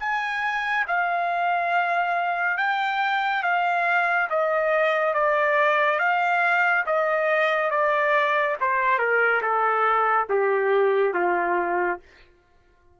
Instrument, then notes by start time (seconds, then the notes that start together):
trumpet
0.00 G#5
0.88 F5
2.58 G5
3.43 F5
4.30 D#5
5.14 D5
5.99 F5
6.86 D#5
7.71 D5
8.61 C5
8.99 A#4
9.42 A4
10.30 G4
11.14 F4